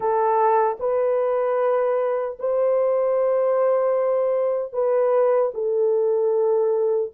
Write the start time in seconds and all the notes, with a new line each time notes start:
0.00 A4
0.79 B4
2.39 C5
4.72 B4
5.53 A4